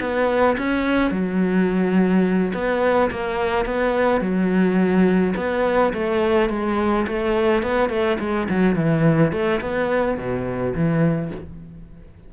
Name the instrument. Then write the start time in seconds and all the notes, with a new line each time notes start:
cello
0.00 B3
0.57 C#4
1.11 F#3
2.53 B3
3.10 A#3
3.65 B3
4.21 F#3
5.36 B3
5.93 A3
6.49 G#3
7.07 A3
7.62 B3
7.89 A3
8.19 G#3
8.49 F#3
8.75 E3
9.32 A3
9.61 B3
10.17 B2
10.74 E3